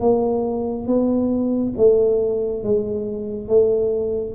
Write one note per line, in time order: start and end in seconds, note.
0.00 0.87 A#3
0.87 1.74 B3
1.77 2.63 A3
2.63 3.48 G#3
3.48 4.35 A3